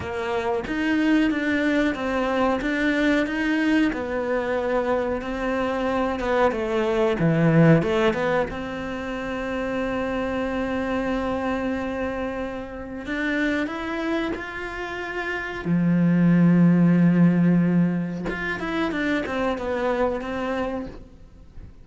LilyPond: \new Staff \with { instrumentName = "cello" } { \time 4/4 \tempo 4 = 92 ais4 dis'4 d'4 c'4 | d'4 dis'4 b2 | c'4. b8 a4 e4 | a8 b8 c'2.~ |
c'1 | d'4 e'4 f'2 | f1 | f'8 e'8 d'8 c'8 b4 c'4 | }